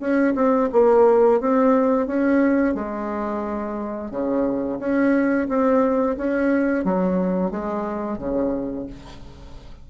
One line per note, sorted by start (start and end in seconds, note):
0.00 0.34 C#4
0.35 0.69 C4
0.72 1.40 A#3
1.40 2.07 C4
2.07 2.74 C#4
2.74 4.11 G#3
4.11 4.79 C#3
4.79 5.47 C#4
5.48 6.16 C4
6.17 6.85 C#4
6.85 7.51 F#3
7.51 8.18 G#3
8.18 8.86 C#3